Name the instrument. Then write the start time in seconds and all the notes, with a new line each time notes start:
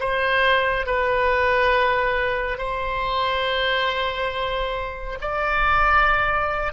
oboe
0.00 C5
0.87 B4
2.58 C5
5.21 D5